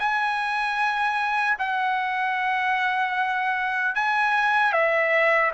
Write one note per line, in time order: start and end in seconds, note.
0.00 1.58 G#5
1.59 3.95 F#5
3.95 4.73 G#5
4.73 5.52 E5